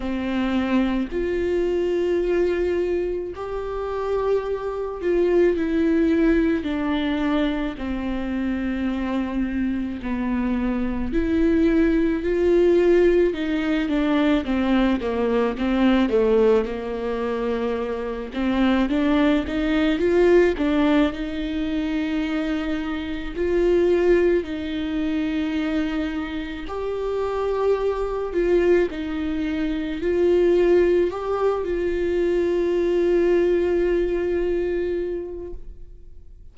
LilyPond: \new Staff \with { instrumentName = "viola" } { \time 4/4 \tempo 4 = 54 c'4 f'2 g'4~ | g'8 f'8 e'4 d'4 c'4~ | c'4 b4 e'4 f'4 | dis'8 d'8 c'8 ais8 c'8 a8 ais4~ |
ais8 c'8 d'8 dis'8 f'8 d'8 dis'4~ | dis'4 f'4 dis'2 | g'4. f'8 dis'4 f'4 | g'8 f'2.~ f'8 | }